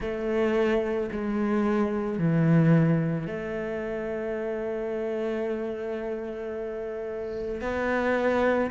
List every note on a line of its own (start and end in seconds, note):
0.00 1.10 A3
1.12 2.18 G#3
2.18 3.26 E3
3.26 7.61 A3
7.61 8.70 B3